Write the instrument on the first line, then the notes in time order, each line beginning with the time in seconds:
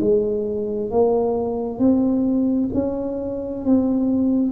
tuba
0.00 G#3
0.90 A#3
1.79 C4
2.74 C#4
3.64 C4